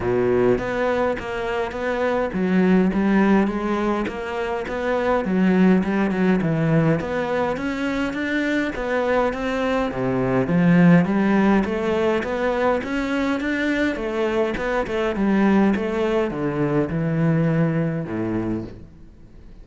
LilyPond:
\new Staff \with { instrumentName = "cello" } { \time 4/4 \tempo 4 = 103 b,4 b4 ais4 b4 | fis4 g4 gis4 ais4 | b4 fis4 g8 fis8 e4 | b4 cis'4 d'4 b4 |
c'4 c4 f4 g4 | a4 b4 cis'4 d'4 | a4 b8 a8 g4 a4 | d4 e2 a,4 | }